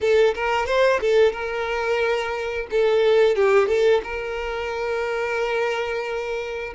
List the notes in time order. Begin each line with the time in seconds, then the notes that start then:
0.00 A4
0.34 A#4
0.66 C5
1.01 A4
1.32 A#4
2.70 A4
3.35 G4
3.67 A4
4.03 A#4